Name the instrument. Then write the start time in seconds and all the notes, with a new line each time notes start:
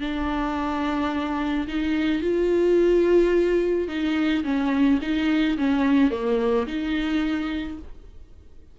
viola
0.00 D4
1.67 D#4
2.21 F4
3.88 D#4
4.44 C#4
5.02 D#4
5.57 C#4
6.11 A#3
6.67 D#4